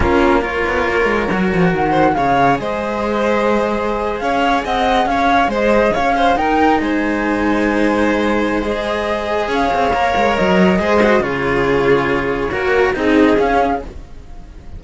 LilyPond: <<
  \new Staff \with { instrumentName = "flute" } { \time 4/4 \tempo 4 = 139 ais'4 cis''2. | fis''4 f''4 dis''2~ | dis''4.~ dis''16 f''4 fis''4 f''16~ | f''8. dis''4 f''4 g''4 gis''16~ |
gis''1 | dis''2 f''2 | dis''2 cis''2~ | cis''2 dis''4 f''4 | }
  \new Staff \with { instrumentName = "violin" } { \time 4/4 f'4 ais'2.~ | ais'8 c''8 cis''4 c''2~ | c''4.~ c''16 cis''4 dis''4 cis''16~ | cis''8. c''4 cis''8 c''8 ais'4 c''16~ |
c''1~ | c''2 cis''2~ | cis''4 c''4 gis'2~ | gis'4 ais'4 gis'2 | }
  \new Staff \with { instrumentName = "cello" } { \time 4/4 cis'4 f'2 fis'4~ | fis'4 gis'2.~ | gis'1~ | gis'2~ gis'8. dis'4~ dis'16~ |
dis'1 | gis'2. ais'4~ | ais'4 gis'8 fis'8 f'2~ | f'4 fis'4 dis'4 cis'4 | }
  \new Staff \with { instrumentName = "cello" } { \time 4/4 ais4. b8 ais8 gis8 fis8 f8 | dis4 cis4 gis2~ | gis4.~ gis16 cis'4 c'4 cis'16~ | cis'8. gis4 cis'4 dis'4 gis16~ |
gis1~ | gis2 cis'8 c'8 ais8 gis8 | fis4 gis4 cis2~ | cis4 ais4 c'4 cis'4 | }
>>